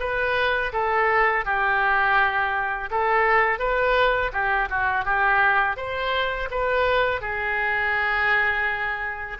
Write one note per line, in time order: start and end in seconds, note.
0.00 0.72 B4
0.73 1.45 A4
1.45 2.90 G4
2.91 3.59 A4
3.59 4.31 B4
4.33 4.69 G4
4.70 5.05 F#4
5.05 5.77 G4
5.77 6.49 C5
6.51 7.21 B4
7.21 9.38 G#4